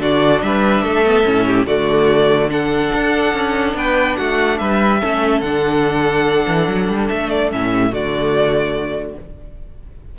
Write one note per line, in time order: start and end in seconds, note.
0.00 0.42 D3
0.00 1.04 D4
0.00 0.43 F#4
0.00 0.41 D5
0.41 0.82 G3
0.41 0.83 B4
0.41 1.66 E5
0.82 1.24 A3
0.82 1.45 A4
1.05 1.23 B3
1.23 1.66 A2
1.23 1.65 C#4
1.46 1.67 G4
1.66 2.91 D3
1.66 2.49 A3
1.66 2.50 F#4
1.66 2.50 D5
2.49 4.99 D4
2.49 3.77 A4
2.49 3.76 F#5
2.94 3.33 D4
3.33 3.74 C#4
3.74 4.15 B3
3.74 4.17 B4
3.74 4.16 G5
4.16 4.60 A3
4.16 4.59 F#4
4.16 4.58 F#5
4.58 5.02 G3
4.58 5.00 B4
4.58 5.41 E5
5.00 5.41 A3
5.00 5.44 C#4
5.00 7.71 A4
5.41 6.46 D3
5.41 7.51 D4
5.41 7.08 F#5
6.47 6.67 E3
6.68 6.88 F#3
6.88 7.09 G3
7.09 7.52 A3
7.09 7.30 E5
7.30 7.50 D5
7.51 7.92 A2
7.51 7.90 C#4
7.51 7.93 E5
7.71 7.91 G4
7.90 9.17 D3
7.90 9.15 A3
7.90 9.16 F#4
7.90 9.18 D5